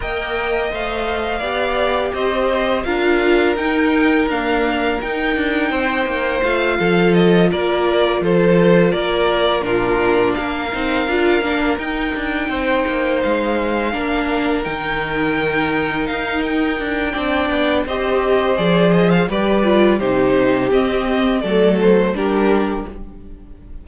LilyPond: <<
  \new Staff \with { instrumentName = "violin" } { \time 4/4 \tempo 4 = 84 g''4 f''2 dis''4 | f''4 g''4 f''4 g''4~ | g''4 f''4 dis''8 d''4 c''8~ | c''8 d''4 ais'4 f''4.~ |
f''8 g''2 f''4.~ | f''8 g''2 f''8 g''4~ | g''4 dis''4 d''8 dis''16 f''16 d''4 | c''4 dis''4 d''8 c''8 ais'4 | }
  \new Staff \with { instrumentName = "violin" } { \time 4/4 dis''2 d''4 c''4 | ais'1 | c''4. a'4 ais'4 a'8~ | a'8 ais'4 f'4 ais'4.~ |
ais'4. c''2 ais'8~ | ais'1 | d''4 c''2 b'4 | g'2 a'4 g'4 | }
  \new Staff \with { instrumentName = "viola" } { \time 4/4 ais'4 c''4 g'2 | f'4 dis'4 ais4 dis'4~ | dis'4 f'2.~ | f'4. d'4. dis'8 f'8 |
d'8 dis'2. d'8~ | d'8 dis'2.~ dis'8 | d'4 g'4 gis'4 g'8 f'8 | dis'4 c'4 a4 d'4 | }
  \new Staff \with { instrumentName = "cello" } { \time 4/4 ais4 a4 b4 c'4 | d'4 dis'4 d'4 dis'8 d'8 | c'8 ais8 a8 f4 ais4 f8~ | f8 ais4 ais,4 ais8 c'8 d'8 |
ais8 dis'8 d'8 c'8 ais8 gis4 ais8~ | ais8 dis2 dis'4 d'8 | c'8 b8 c'4 f4 g4 | c4 c'4 fis4 g4 | }
>>